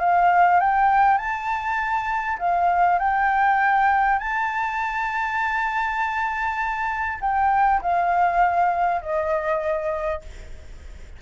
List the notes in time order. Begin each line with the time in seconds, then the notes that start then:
0.00 F5
0.60 G5
1.17 A5
2.39 F5
2.99 G5
4.19 A5
7.21 G5
7.82 F5
9.01 D#5